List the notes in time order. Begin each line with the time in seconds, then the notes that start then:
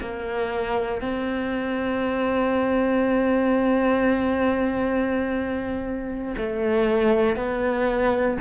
0.00 A#3
1.01 C4
6.37 A3
7.35 B3